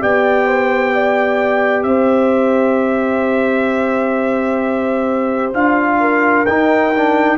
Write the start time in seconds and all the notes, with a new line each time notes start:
0.00 B3 G4 D5 G5
0.47 C5
0.94 D5
1.83 C4 C5 E5
5.54 D4 F4 F5
6.00 A#4
6.46 D#4 G5
6.95 D4